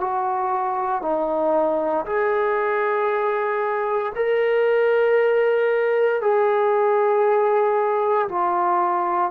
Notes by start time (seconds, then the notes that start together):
0.00 F#4
1.02 D#4
2.05 G#4
4.15 A#4
6.21 G#4
8.29 F4